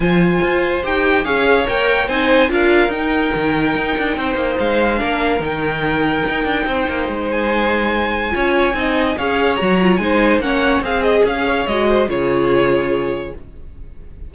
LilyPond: <<
  \new Staff \with { instrumentName = "violin" } { \time 4/4 \tempo 4 = 144 gis''2 g''4 f''4 | g''4 gis''4 f''4 g''4~ | g''2. f''4~ | f''4 g''2.~ |
g''4. gis''2~ gis''8~ | gis''2 f''4 ais''4 | gis''4 fis''4 f''8 dis''8 f''4 | dis''4 cis''2. | }
  \new Staff \with { instrumentName = "violin" } { \time 4/4 c''2. cis''4~ | cis''4 c''4 ais'2~ | ais'2 c''2 | ais'1 |
c''1 | cis''4 dis''4 cis''2 | c''4 cis''4 gis'4. cis''8~ | cis''8 c''8 gis'2. | }
  \new Staff \with { instrumentName = "viola" } { \time 4/4 f'2 g'4 gis'4 | ais'4 dis'4 f'4 dis'4~ | dis'1 | d'4 dis'2.~ |
dis'1 | f'4 dis'4 gis'4 fis'8 f'8 | dis'4 cis'4 gis'2 | fis'4 f'2. | }
  \new Staff \with { instrumentName = "cello" } { \time 4/4 f4 f'4 dis'4 cis'4 | ais4 c'4 d'4 dis'4 | dis4 dis'8 d'8 c'8 ais8 gis4 | ais4 dis2 dis'8 d'8 |
c'8 ais8 gis2. | cis'4 c'4 cis'4 fis4 | gis4 ais4 c'4 cis'4 | gis4 cis2. | }
>>